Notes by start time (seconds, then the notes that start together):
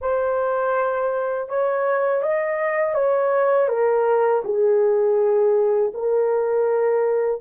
0.01 C5
1.48 C#5
2.22 D#5
2.94 C#5
3.68 A#4
4.44 G#4
5.94 A#4